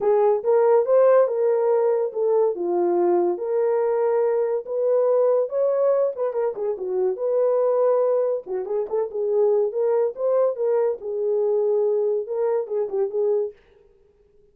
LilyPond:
\new Staff \with { instrumentName = "horn" } { \time 4/4 \tempo 4 = 142 gis'4 ais'4 c''4 ais'4~ | ais'4 a'4 f'2 | ais'2. b'4~ | b'4 cis''4. b'8 ais'8 gis'8 |
fis'4 b'2. | fis'8 gis'8 a'8 gis'4. ais'4 | c''4 ais'4 gis'2~ | gis'4 ais'4 gis'8 g'8 gis'4 | }